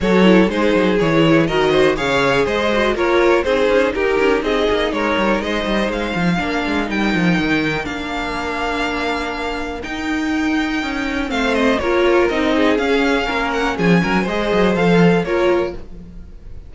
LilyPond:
<<
  \new Staff \with { instrumentName = "violin" } { \time 4/4 \tempo 4 = 122 cis''4 c''4 cis''4 dis''4 | f''4 dis''4 cis''4 c''4 | ais'4 dis''4 cis''4 dis''4 | f''2 g''2 |
f''1 | g''2. f''8 dis''8 | cis''4 dis''4 f''4. fis''8 | gis''4 dis''4 f''4 cis''4 | }
  \new Staff \with { instrumentName = "violin" } { \time 4/4 a'4 gis'2 ais'8 c''8 | cis''4 c''4 ais'4 gis'4 | g'4 gis'4 ais'4 c''4~ | c''4 ais'2.~ |
ais'1~ | ais'2. c''4 | ais'4. gis'4. ais'4 | gis'8 ais'8 c''2 ais'4 | }
  \new Staff \with { instrumentName = "viola" } { \time 4/4 fis'8 e'8 dis'4 e'4 fis'4 | gis'4. fis'8 f'4 dis'4~ | dis'1~ | dis'4 d'4 dis'2 |
d'1 | dis'2. c'4 | f'4 dis'4 cis'2~ | cis'4 gis'4 a'4 f'4 | }
  \new Staff \with { instrumentName = "cello" } { \time 4/4 fis4 gis8 fis8 e4 dis4 | cis4 gis4 ais4 c'8 cis'8 | dis'8 cis'8 c'8 ais8 gis8 g8 gis8 g8 | gis8 f8 ais8 gis8 g8 f8 dis4 |
ais1 | dis'2 cis'4 a4 | ais4 c'4 cis'4 ais4 | f8 fis8 gis8 fis8 f4 ais4 | }
>>